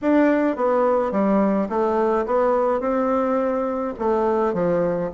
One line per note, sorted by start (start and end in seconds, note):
0.01 0.56 D4
0.56 1.11 B3
1.11 1.68 G3
1.69 2.25 A3
2.25 2.80 B3
2.80 3.93 C4
3.98 4.53 A3
4.53 5.10 F3